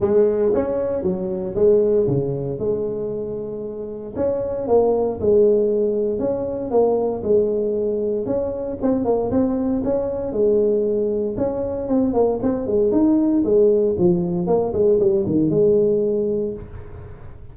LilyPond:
\new Staff \with { instrumentName = "tuba" } { \time 4/4 \tempo 4 = 116 gis4 cis'4 fis4 gis4 | cis4 gis2. | cis'4 ais4 gis2 | cis'4 ais4 gis2 |
cis'4 c'8 ais8 c'4 cis'4 | gis2 cis'4 c'8 ais8 | c'8 gis8 dis'4 gis4 f4 | ais8 gis8 g8 dis8 gis2 | }